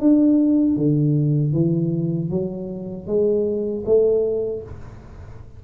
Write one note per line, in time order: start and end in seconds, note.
0.00 0.76 D4
0.76 1.53 D3
1.53 2.30 E3
2.30 3.07 F#3
3.07 3.84 G#3
3.86 4.63 A3